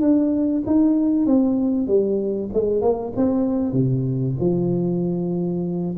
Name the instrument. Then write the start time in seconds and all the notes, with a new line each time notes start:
tuba
0.00 D4
0.66 D#4
1.26 C4
1.87 G3
2.53 G#3
2.81 A#3
3.16 C4
3.72 C3
4.39 F3